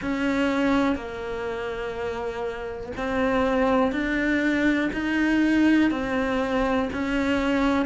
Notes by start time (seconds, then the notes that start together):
0.01 C#4
0.95 A#3
2.96 C4
3.92 D4
4.92 D#4
5.91 C4
6.92 C#4